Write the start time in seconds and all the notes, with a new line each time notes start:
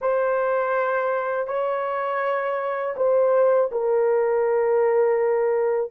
0.01 C5
1.47 C#5
2.96 C5
3.71 A#4